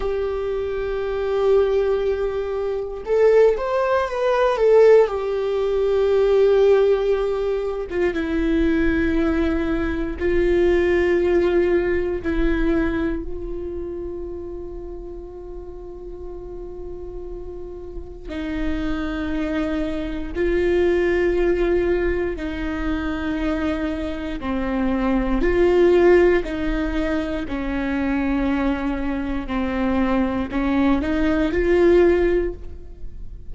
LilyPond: \new Staff \with { instrumentName = "viola" } { \time 4/4 \tempo 4 = 59 g'2. a'8 c''8 | b'8 a'8 g'2~ g'8. f'16 | e'2 f'2 | e'4 f'2.~ |
f'2 dis'2 | f'2 dis'2 | c'4 f'4 dis'4 cis'4~ | cis'4 c'4 cis'8 dis'8 f'4 | }